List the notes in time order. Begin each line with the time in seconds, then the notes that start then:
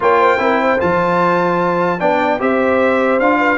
0.00 A#3 F4 C#5 G5
0.20 C5
0.38 C4 E4 A#4
0.61 C5
0.78 F3 F4 A5
1.99 B3 D4 D5 G5
2.39 C4 G4 C5 E5
3.19 D4 F4 F5
3.39 B4